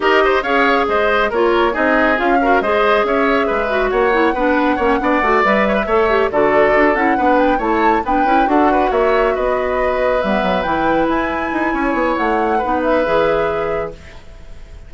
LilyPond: <<
  \new Staff \with { instrumentName = "flute" } { \time 4/4 \tempo 4 = 138 dis''4 f''4 dis''4 cis''4 | dis''4 f''4 dis''4 e''4~ | e''4 fis''2.~ | fis''8 e''2 d''4. |
fis''4 g''8 a''4 g''4 fis''8~ | fis''8 e''4 dis''2 e''8~ | e''8 g''4 gis''2~ gis''8 | fis''4. e''2~ e''8 | }
  \new Staff \with { instrumentName = "oboe" } { \time 4/4 ais'8 c''8 cis''4 c''4 ais'4 | gis'4. ais'8 c''4 cis''4 | b'4 cis''4 b'4 cis''8 d''8~ | d''4 cis''16 b'16 cis''4 a'4.~ |
a'8 b'4 cis''4 b'4 a'8 | b'8 cis''4 b'2~ b'8~ | b'2. cis''4~ | cis''4 b'2. | }
  \new Staff \with { instrumentName = "clarinet" } { \time 4/4 g'4 gis'2 f'4 | dis'4 f'8 fis'8 gis'2~ | gis'8 fis'4 e'8 d'4 cis'8 d'8 | fis'8 b'4 a'8 g'8 fis'4. |
e'8 d'4 e'4 d'8 e'8 fis'8~ | fis'2.~ fis'8 b8~ | b8 e'2.~ e'8~ | e'4 dis'4 gis'2 | }
  \new Staff \with { instrumentName = "bassoon" } { \time 4/4 dis'4 cis'4 gis4 ais4 | c'4 cis'4 gis4 cis'4 | gis4 ais4 b4 ais8 b8 | a8 g4 a4 d4 d'8 |
cis'8 b4 a4 b8 cis'8 d'8~ | d'8 ais4 b2 g8 | fis8 e4 e'4 dis'8 cis'8 b8 | a4 b4 e2 | }
>>